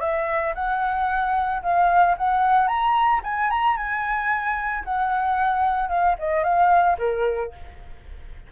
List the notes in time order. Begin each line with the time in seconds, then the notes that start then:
0.00 E5
0.55 F#5
1.62 F5
2.18 F#5
2.67 A#5
3.24 G#5
3.50 A#5
3.77 G#5
4.84 F#5
5.89 F5
6.19 D#5
6.44 F5
6.98 A#4